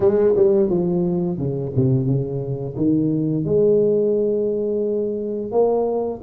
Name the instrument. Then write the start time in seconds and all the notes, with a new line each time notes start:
tuba
0.00 G#3
0.36 G3
0.69 F3
1.38 C#3
1.76 C3
2.06 C#3
2.76 D#3
3.45 G#3
5.51 A#3